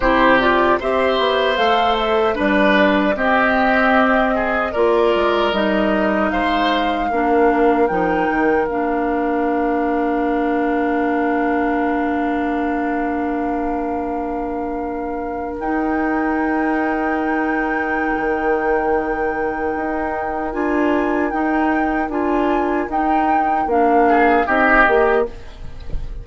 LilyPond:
<<
  \new Staff \with { instrumentName = "flute" } { \time 4/4 \tempo 4 = 76 c''8 d''8 e''4 f''8 e''8 d''4 | dis''2 d''4 dis''4 | f''2 g''4 f''4~ | f''1~ |
f''2.~ f''8. g''16~ | g''1~ | g''2 gis''4 g''4 | gis''4 g''4 f''4 dis''4 | }
  \new Staff \with { instrumentName = "oboe" } { \time 4/4 g'4 c''2 b'4 | g'4. gis'8 ais'2 | c''4 ais'2.~ | ais'1~ |
ais'1~ | ais'1~ | ais'1~ | ais'2~ ais'8 gis'8 g'4 | }
  \new Staff \with { instrumentName = "clarinet" } { \time 4/4 e'8 f'8 g'4 a'4 d'4 | c'2 f'4 dis'4~ | dis'4 d'4 dis'4 d'4~ | d'1~ |
d'2.~ d'8. dis'16~ | dis'1~ | dis'2 f'4 dis'4 | f'4 dis'4 d'4 dis'8 g'8 | }
  \new Staff \with { instrumentName = "bassoon" } { \time 4/4 c4 c'8 b8 a4 g4 | c'2 ais8 gis8 g4 | gis4 ais4 f8 dis8 ais4~ | ais1~ |
ais2.~ ais8. dis'16~ | dis'2. dis4~ | dis4 dis'4 d'4 dis'4 | d'4 dis'4 ais4 c'8 ais8 | }
>>